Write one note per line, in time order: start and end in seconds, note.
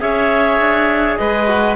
0.00 0.59 C#4
0.00 1.47 G#4
0.00 1.19 C#5
0.00 1.17 E5
0.59 1.18 D4
1.17 1.76 G#3
1.17 1.76 B4
1.17 1.76 D#5
1.47 1.76 F#4